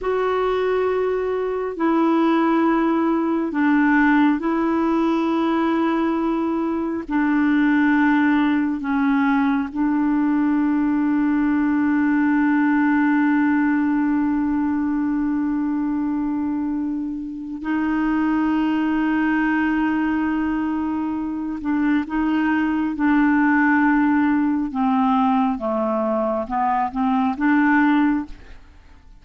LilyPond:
\new Staff \with { instrumentName = "clarinet" } { \time 4/4 \tempo 4 = 68 fis'2 e'2 | d'4 e'2. | d'2 cis'4 d'4~ | d'1~ |
d'1 | dis'1~ | dis'8 d'8 dis'4 d'2 | c'4 a4 b8 c'8 d'4 | }